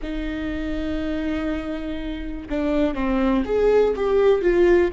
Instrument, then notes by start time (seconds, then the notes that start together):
viola
0.02 D#4
2.49 D4
2.94 C4
3.45 G#4
3.96 G4
4.41 F4